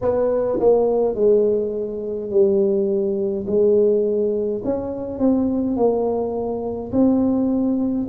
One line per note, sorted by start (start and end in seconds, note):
0.01 0.59 B3
0.59 1.14 A#3
1.14 2.30 G#3
2.30 3.45 G3
3.46 4.62 G#3
4.64 5.19 C#4
5.19 5.76 C4
5.76 6.91 A#3
6.92 8.07 C4